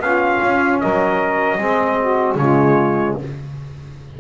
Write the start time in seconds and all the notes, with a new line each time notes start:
0.00 B3 C#4 F4 F5
0.43 C#4
0.80 F#3 A#4 D#5
1.58 G#3 C4 G#4
2.00 F#4
2.35 C#3 F4 C#5
2.41 G#3